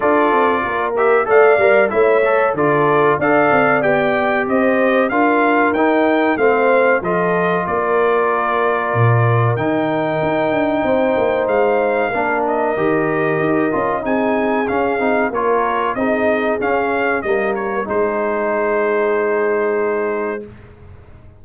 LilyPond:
<<
  \new Staff \with { instrumentName = "trumpet" } { \time 4/4 \tempo 4 = 94 d''4. e''8 f''4 e''4 | d''4 f''4 g''4 dis''4 | f''4 g''4 f''4 dis''4 | d''2. g''4~ |
g''2 f''4. dis''8~ | dis''2 gis''4 f''4 | cis''4 dis''4 f''4 dis''8 cis''8 | c''1 | }
  \new Staff \with { instrumentName = "horn" } { \time 4/4 a'4 ais'4 d''4 cis''4 | a'4 d''2 c''4 | ais'2 c''4 a'4 | ais'1~ |
ais'4 c''2 ais'4~ | ais'2 gis'2 | ais'4 gis'2 ais'4 | gis'1 | }
  \new Staff \with { instrumentName = "trombone" } { \time 4/4 f'4. g'8 a'8 ais'8 e'8 a'8 | f'4 a'4 g'2 | f'4 dis'4 c'4 f'4~ | f'2. dis'4~ |
dis'2. d'4 | g'4. f'8 dis'4 cis'8 dis'8 | f'4 dis'4 cis'4 ais4 | dis'1 | }
  \new Staff \with { instrumentName = "tuba" } { \time 4/4 d'8 c'8 ais4 a8 g8 a4 | d4 d'8 c'8 b4 c'4 | d'4 dis'4 a4 f4 | ais2 ais,4 dis4 |
dis'8 d'8 c'8 ais8 gis4 ais4 | dis4 dis'8 cis'8 c'4 cis'8 c'8 | ais4 c'4 cis'4 g4 | gis1 | }
>>